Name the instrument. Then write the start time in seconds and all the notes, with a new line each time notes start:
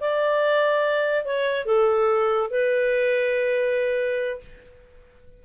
clarinet
0.00 D5
1.24 C#5
1.65 A4
2.50 B4